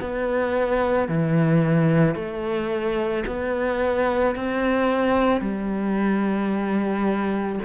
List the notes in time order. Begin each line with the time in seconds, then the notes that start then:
0.00 B3
1.08 E3
2.15 A3
3.26 B3
4.35 C4
5.40 G3